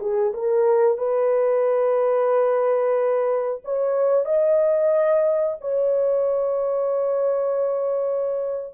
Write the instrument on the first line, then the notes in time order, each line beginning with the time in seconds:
horn
0.00 G#4
0.34 A#4
0.98 B4
3.64 C#5
4.25 D#5
5.61 C#5